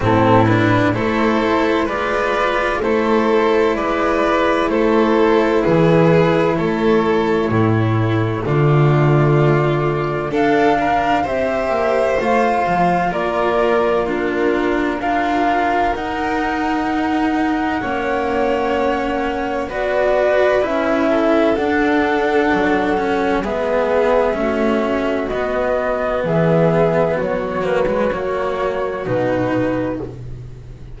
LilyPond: <<
  \new Staff \with { instrumentName = "flute" } { \time 4/4 \tempo 4 = 64 a'8 b'8 c''4 d''4 c''4 | d''4 c''4 b'4 cis''4~ | cis''4 d''2 f''4 | e''4 f''4 d''4 ais'4 |
f''4 fis''2.~ | fis''4 d''4 e''4 fis''4~ | fis''4 e''2 dis''4 | e''4 cis''8 b'8 cis''4 b'4 | }
  \new Staff \with { instrumentName = "violin" } { \time 4/4 e'4 a'4 b'4 a'4 | b'4 a'4 gis'4 a'4 | e'4 f'2 a'8 ais'8 | c''2 ais'4 f'4 |
ais'2. cis''4~ | cis''4 b'4. a'4.~ | a'4 gis'4 fis'2 | gis'4 fis'2. | }
  \new Staff \with { instrumentName = "cello" } { \time 4/4 c'8 d'8 e'4 f'4 e'4~ | e'1 | a2. d'4 | g'4 f'2 d'4 |
f'4 dis'2 cis'4~ | cis'4 fis'4 e'4 d'4~ | d'8 cis'8 b4 cis'4 b4~ | b4. ais16 gis16 ais4 dis'4 | }
  \new Staff \with { instrumentName = "double bass" } { \time 4/4 a,4 a4 gis4 a4 | gis4 a4 e4 a4 | a,4 d2 d'4 | c'8 ais8 a8 f8 ais2 |
d'4 dis'2 ais4~ | ais4 b4 cis'4 d'4 | fis4 gis4 a4 b4 | e4 fis2 b,4 | }
>>